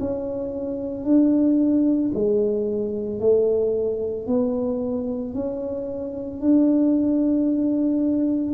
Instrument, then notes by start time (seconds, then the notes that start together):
tuba
0.00 C#4
1.05 D4
2.14 G#3
3.20 A3
4.27 B3
5.34 C#4
6.41 D4